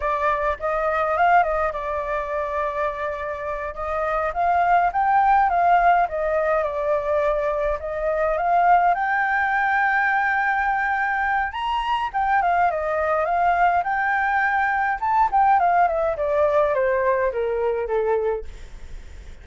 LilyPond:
\new Staff \with { instrumentName = "flute" } { \time 4/4 \tempo 4 = 104 d''4 dis''4 f''8 dis''8 d''4~ | d''2~ d''8 dis''4 f''8~ | f''8 g''4 f''4 dis''4 d''8~ | d''4. dis''4 f''4 g''8~ |
g''1 | ais''4 g''8 f''8 dis''4 f''4 | g''2 a''8 g''8 f''8 e''8 | d''4 c''4 ais'4 a'4 | }